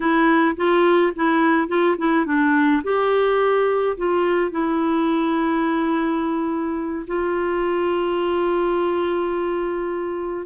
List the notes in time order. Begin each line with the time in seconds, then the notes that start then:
0.00 E4
0.56 F4
1.15 E4
1.67 F4
1.98 E4
2.25 D4
2.83 G4
3.97 F4
4.51 E4
7.07 F4